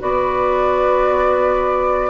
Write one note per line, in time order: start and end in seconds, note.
0.00 2.10 B3
0.00 2.10 F#4
0.00 2.10 B4
0.00 2.10 D5